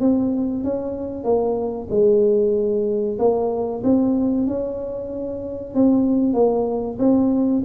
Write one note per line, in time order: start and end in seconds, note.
0.00 0.64 C4
0.64 1.24 C#4
1.24 1.88 A#3
1.90 3.18 G#3
3.19 3.82 A#3
3.84 4.47 C4
4.47 5.74 C#4
5.74 6.34 C4
6.34 6.97 A#3
6.99 7.63 C4